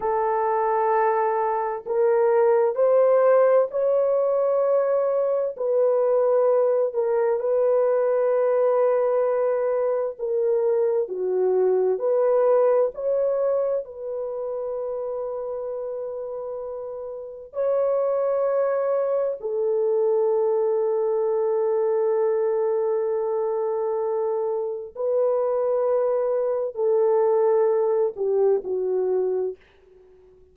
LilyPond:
\new Staff \with { instrumentName = "horn" } { \time 4/4 \tempo 4 = 65 a'2 ais'4 c''4 | cis''2 b'4. ais'8 | b'2. ais'4 | fis'4 b'4 cis''4 b'4~ |
b'2. cis''4~ | cis''4 a'2.~ | a'2. b'4~ | b'4 a'4. g'8 fis'4 | }